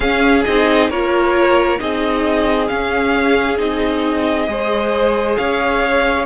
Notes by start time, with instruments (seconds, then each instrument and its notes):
0.00 viola C#4, cello C#4, violin G#4 F5
0.45 cello C4, viola D#4, violin D#5
0.89 cello A#3, viola F4, violin A#4 C#5
1.78 cello C4, viola D#4, violin G#4 D#5
2.68 viola C#4, cello C#4, violin F5
3.57 cello C4, viola D#4, violin D#5
4.47 cello G#3, viola G#4, violin C5
5.36 cello C#4, violin C#5 F5